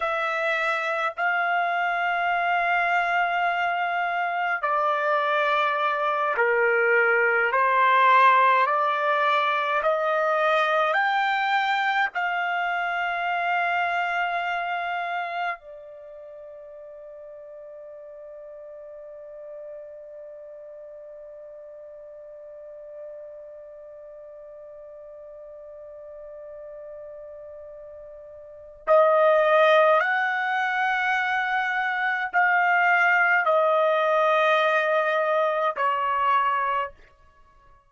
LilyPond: \new Staff \with { instrumentName = "trumpet" } { \time 4/4 \tempo 4 = 52 e''4 f''2. | d''4. ais'4 c''4 d''8~ | d''8 dis''4 g''4 f''4.~ | f''4. d''2~ d''8~ |
d''1~ | d''1~ | d''4 dis''4 fis''2 | f''4 dis''2 cis''4 | }